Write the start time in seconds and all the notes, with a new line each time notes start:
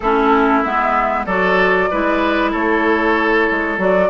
0.00 A3 C#4 E4 A4
0.62 G#3 B3 E5
1.25 F#3 F#4 A4 D5
1.90 G#3 E4 B4
2.51 A3 A4 C#5
3.50 G#3
3.78 F#3 F#4 D5